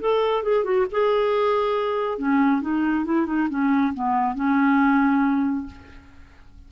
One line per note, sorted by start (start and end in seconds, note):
0.00 0.43 A4
0.43 0.64 G#4
0.64 0.86 F#4
0.91 2.18 G#4
2.18 2.61 C#4
2.61 3.05 D#4
3.05 3.26 E4
3.26 3.48 D#4
3.49 3.93 C#4
3.94 4.35 B3
4.35 5.66 C#4